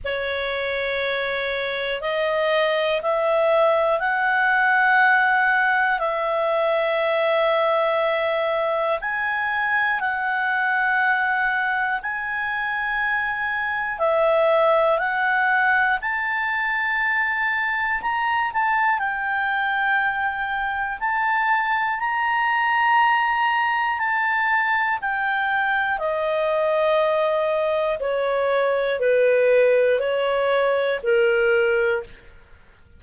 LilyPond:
\new Staff \with { instrumentName = "clarinet" } { \time 4/4 \tempo 4 = 60 cis''2 dis''4 e''4 | fis''2 e''2~ | e''4 gis''4 fis''2 | gis''2 e''4 fis''4 |
a''2 ais''8 a''8 g''4~ | g''4 a''4 ais''2 | a''4 g''4 dis''2 | cis''4 b'4 cis''4 ais'4 | }